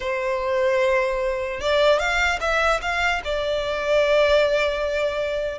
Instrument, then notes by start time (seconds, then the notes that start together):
violin
0.00 C5
1.60 D5
1.99 F5
2.40 E5
2.81 F5
3.24 D5